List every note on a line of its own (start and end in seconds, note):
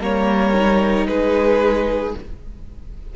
0.00 1.07 G3
0.00 0.54 A#3
0.00 1.08 A#4
0.00 1.07 C#5
0.54 2.15 D#4
1.07 2.15 G#3
1.07 2.16 G#4
1.07 2.15 B4